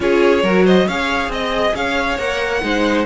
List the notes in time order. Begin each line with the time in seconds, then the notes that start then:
0.00 C#4 F4 G#4 C#5
0.42 F#3 F#4 A#4
0.64 C5 D#5
0.87 C#4 G#4 C#5 F5
1.28 C4 D#5
1.74 C#4 C#5 F5
2.18 A#3 A#4 F#5
2.61 G#3 D#4 C5